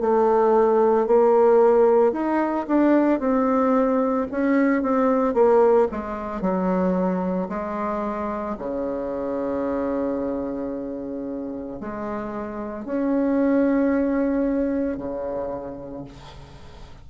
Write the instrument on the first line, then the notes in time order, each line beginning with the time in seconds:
bassoon
0.00 A3
1.07 A#3
2.12 D#4
2.67 D4
3.19 C4
4.31 C#4
4.82 C4
5.34 A#3
5.91 G#3
6.41 F#3
7.49 G#3
8.58 C#3
11.80 G#3
12.85 C#4
14.97 C#3